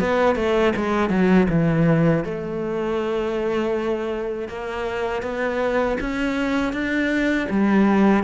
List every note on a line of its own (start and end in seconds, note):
0.00 0.35 B3
0.35 0.73 A3
0.76 1.09 G#3
1.09 1.47 F#3
1.49 2.24 E3
2.24 4.48 A3
4.48 5.22 A#3
5.22 5.97 B3
6.00 6.73 C#4
6.73 7.48 D4
7.50 8.23 G3